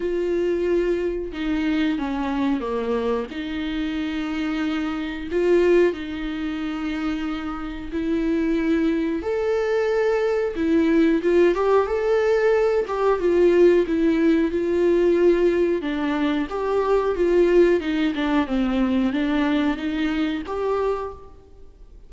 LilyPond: \new Staff \with { instrumentName = "viola" } { \time 4/4 \tempo 4 = 91 f'2 dis'4 cis'4 | ais4 dis'2. | f'4 dis'2. | e'2 a'2 |
e'4 f'8 g'8 a'4. g'8 | f'4 e'4 f'2 | d'4 g'4 f'4 dis'8 d'8 | c'4 d'4 dis'4 g'4 | }